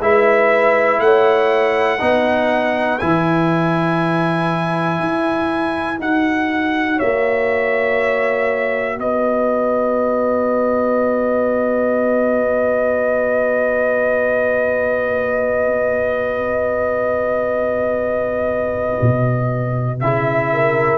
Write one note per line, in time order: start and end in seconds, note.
0.00 0.99 G#3
0.00 1.99 E4
0.00 1.01 B4
0.00 1.00 E5
0.99 1.99 A3
0.99 2.00 C#5
0.99 2.98 F#5
1.99 3.01 B3
1.99 2.99 D#4
1.99 6.96 B4
2.98 4.99 E3
2.98 5.96 E4
2.98 5.98 G#5
4.99 5.99 E4
5.96 6.99 D#4
5.96 19.96 F#4
5.96 6.99 F#5
6.96 8.96 C#5
6.96 8.99 E5
7.02 8.97 A#3
8.97 18.98 B3
8.97 20.50 B4
8.97 19.99 D#5
19.01 20.00 B2
20.00 20.98 C#3
20.00 20.98 E4
20.00 20.98 E5
20.52 20.98 A#4